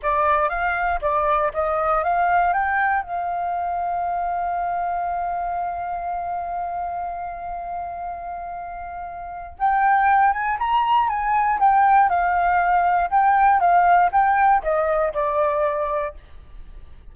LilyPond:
\new Staff \with { instrumentName = "flute" } { \time 4/4 \tempo 4 = 119 d''4 f''4 d''4 dis''4 | f''4 g''4 f''2~ | f''1~ | f''1~ |
f''2. g''4~ | g''8 gis''8 ais''4 gis''4 g''4 | f''2 g''4 f''4 | g''4 dis''4 d''2 | }